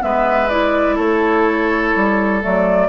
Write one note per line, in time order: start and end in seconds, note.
0.00 0.98 G#3
0.00 0.48 B3
0.00 0.96 B4
0.00 0.49 E5
0.49 2.42 E4
0.49 0.97 D5
0.96 1.94 A3
0.96 2.88 A4
0.96 2.42 C#5
1.96 2.44 G3
2.42 2.89 F#3
2.42 2.89 A3
2.42 2.89 D5